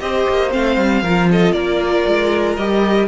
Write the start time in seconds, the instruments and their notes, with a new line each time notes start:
0.00 cello C4, viola G4, violin C5 D#5
0.29 cello A#3
0.50 cello A3, viola C4, violin F5
0.77 cello G3
1.02 cello F3, viola F4, violin A#4
1.31 violin A4 D#5
1.52 cello A#3, violin A#4 D5
2.07 cello G#3
2.57 cello G3, viola G4, violin D#5